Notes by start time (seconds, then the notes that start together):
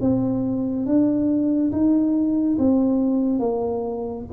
0.00 C4
0.86 D4
1.71 D#4
2.58 C4
3.39 A#3